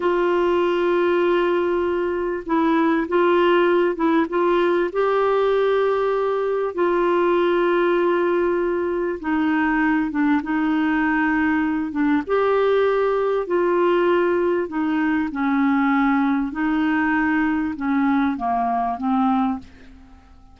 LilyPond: \new Staff \with { instrumentName = "clarinet" } { \time 4/4 \tempo 4 = 98 f'1 | e'4 f'4. e'8 f'4 | g'2. f'4~ | f'2. dis'4~ |
dis'8 d'8 dis'2~ dis'8 d'8 | g'2 f'2 | dis'4 cis'2 dis'4~ | dis'4 cis'4 ais4 c'4 | }